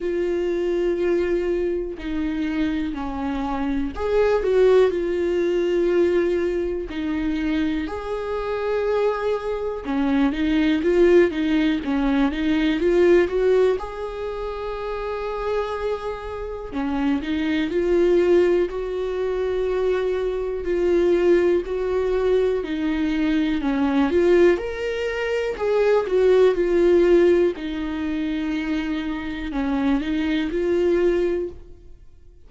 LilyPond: \new Staff \with { instrumentName = "viola" } { \time 4/4 \tempo 4 = 61 f'2 dis'4 cis'4 | gis'8 fis'8 f'2 dis'4 | gis'2 cis'8 dis'8 f'8 dis'8 | cis'8 dis'8 f'8 fis'8 gis'2~ |
gis'4 cis'8 dis'8 f'4 fis'4~ | fis'4 f'4 fis'4 dis'4 | cis'8 f'8 ais'4 gis'8 fis'8 f'4 | dis'2 cis'8 dis'8 f'4 | }